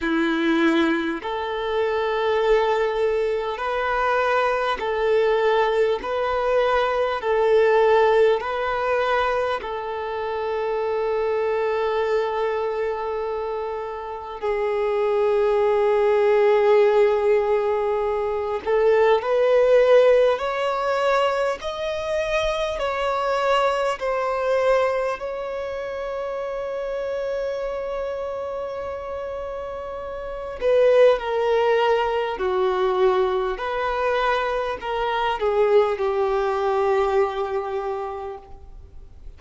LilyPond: \new Staff \with { instrumentName = "violin" } { \time 4/4 \tempo 4 = 50 e'4 a'2 b'4 | a'4 b'4 a'4 b'4 | a'1 | gis'2.~ gis'8 a'8 |
b'4 cis''4 dis''4 cis''4 | c''4 cis''2.~ | cis''4. b'8 ais'4 fis'4 | b'4 ais'8 gis'8 g'2 | }